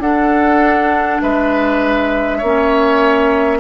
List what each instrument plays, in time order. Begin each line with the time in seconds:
0.00 bassoon D4, clarinet D4, oboe A4, flute F#5
1.22 bassoon G#3, oboe B4, flute E5
2.39 bassoon A#3, clarinet C#4, oboe C#5